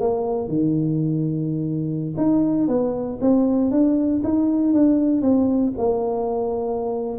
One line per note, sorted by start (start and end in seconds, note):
0.00 0.48 A#3
0.48 2.15 D#3
2.17 2.68 D#4
2.68 3.19 B3
3.21 3.71 C4
3.71 4.22 D4
4.24 4.73 D#4
4.73 5.22 D4
5.22 5.73 C4
5.77 7.18 A#3